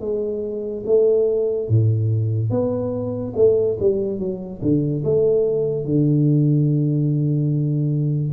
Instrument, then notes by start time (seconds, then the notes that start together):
tuba
0.00 G#3
0.85 A3
1.69 A2
2.50 B3
3.35 A3
3.80 G3
4.19 F#3
4.61 D3
5.04 A3
5.84 D3